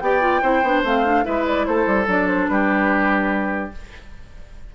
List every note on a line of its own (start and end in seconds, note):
0.00 0.42 B3
0.00 0.21 G4
0.00 0.42 D5
0.00 0.82 G5
0.21 0.42 F4
0.42 0.62 C4
0.42 0.63 E4
0.42 1.24 C5
0.62 0.83 B3
0.62 0.85 D4
0.84 1.25 A3
0.84 1.05 C4
0.84 1.25 F5
1.05 1.24 D4
1.24 1.68 G#3
1.24 2.06 E4
1.24 1.67 B4
1.24 1.45 E5
1.47 1.66 D5
1.66 1.87 A3
1.66 2.50 A4
1.66 2.07 C5
1.87 2.07 G3
2.07 2.48 F#3
2.07 3.72 D4
2.07 2.27 D5
2.27 2.48 C5
2.48 3.72 G3
2.48 3.75 G4
2.48 3.71 B4